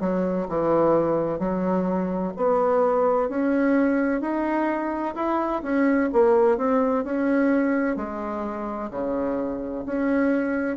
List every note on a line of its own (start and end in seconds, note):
0.00 0.47 F#3
0.48 1.39 E3
1.39 2.33 F#3
2.36 3.29 B3
3.29 4.21 C#4
4.21 5.14 D#4
5.15 5.62 E4
5.62 6.09 C#4
6.12 6.57 A#3
6.57 7.04 C4
7.04 7.96 C#4
7.96 8.90 G#3
8.90 9.84 C#3
9.85 10.77 C#4